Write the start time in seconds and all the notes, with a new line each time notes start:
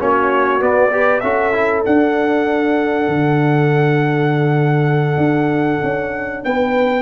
0.00 A#3 C#4 F#4 C#5
0.61 B3 D5
0.92 G4 B4
1.21 C#4 F#4 A4 E5
1.54 E4
1.85 D4 F#5
3.08 D3
5.17 D4
5.83 C#4
6.45 B3 B4 G5